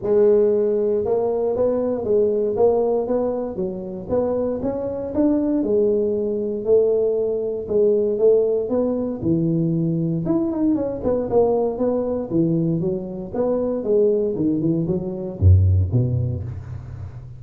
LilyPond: \new Staff \with { instrumentName = "tuba" } { \time 4/4 \tempo 4 = 117 gis2 ais4 b4 | gis4 ais4 b4 fis4 | b4 cis'4 d'4 gis4~ | gis4 a2 gis4 |
a4 b4 e2 | e'8 dis'8 cis'8 b8 ais4 b4 | e4 fis4 b4 gis4 | dis8 e8 fis4 fis,4 b,4 | }